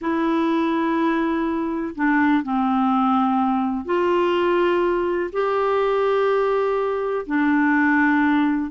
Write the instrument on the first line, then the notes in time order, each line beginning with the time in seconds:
clarinet
0.01 E4
1.95 D4
2.43 C4
3.85 F4
5.32 G4
7.26 D4